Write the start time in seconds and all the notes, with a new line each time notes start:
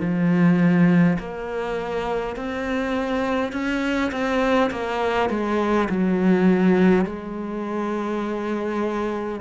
0.00 F3
1.19 A#3
2.36 C4
3.53 C#4
4.12 C4
4.71 A#3
5.30 G#3
5.89 F#3
7.06 G#3